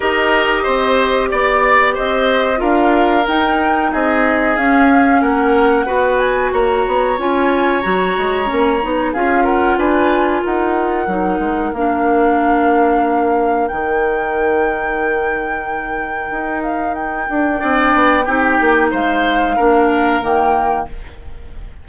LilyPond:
<<
  \new Staff \with { instrumentName = "flute" } { \time 4/4 \tempo 4 = 92 dis''2 d''4 dis''4 | f''4 g''4 dis''4 f''4 | fis''4. gis''8 ais''4 gis''4 | ais''2 f''8 fis''8 gis''4 |
fis''2 f''2~ | f''4 g''2.~ | g''4. f''8 g''2~ | g''4 f''2 g''4 | }
  \new Staff \with { instrumentName = "oboe" } { \time 4/4 ais'4 c''4 d''4 c''4 | ais'2 gis'2 | ais'4 b'4 cis''2~ | cis''2 gis'8 ais'8 b'4 |
ais'1~ | ais'1~ | ais'2. d''4 | g'4 c''4 ais'2 | }
  \new Staff \with { instrumentName = "clarinet" } { \time 4/4 g'1 | f'4 dis'2 cis'4~ | cis'4 fis'2 f'4 | fis'4 cis'8 dis'8 f'2~ |
f'4 dis'4 d'2~ | d'4 dis'2.~ | dis'2. d'4 | dis'2 d'4 ais4 | }
  \new Staff \with { instrumentName = "bassoon" } { \time 4/4 dis'4 c'4 b4 c'4 | d'4 dis'4 c'4 cis'4 | ais4 b4 ais8 b8 cis'4 | fis8 gis8 ais8 b8 cis'4 d'4 |
dis'4 fis8 gis8 ais2~ | ais4 dis2.~ | dis4 dis'4. d'8 c'8 b8 | c'8 ais8 gis4 ais4 dis4 | }
>>